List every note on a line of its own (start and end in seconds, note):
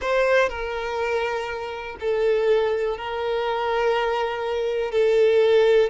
0.01 0.49 C5
0.49 1.97 A#4
1.99 2.97 A4
2.97 4.91 A#4
4.91 5.90 A4